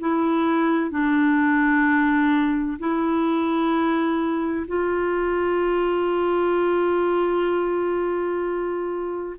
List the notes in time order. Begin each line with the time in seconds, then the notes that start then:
0.00 E4
0.90 D4
2.79 E4
4.67 F4